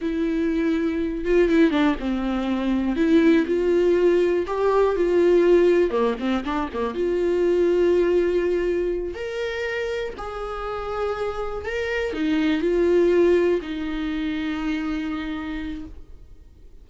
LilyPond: \new Staff \with { instrumentName = "viola" } { \time 4/4 \tempo 4 = 121 e'2~ e'8 f'8 e'8 d'8 | c'2 e'4 f'4~ | f'4 g'4 f'2 | ais8 c'8 d'8 ais8 f'2~ |
f'2~ f'8 ais'4.~ | ais'8 gis'2. ais'8~ | ais'8 dis'4 f'2 dis'8~ | dis'1 | }